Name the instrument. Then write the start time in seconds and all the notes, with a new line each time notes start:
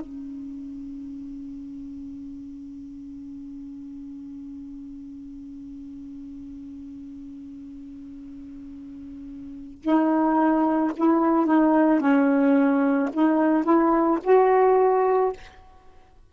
saxophone
0.00 C#4
9.82 D#4
10.97 E4
11.46 D#4
12.00 C#4
13.13 D#4
13.64 E4
14.24 F#4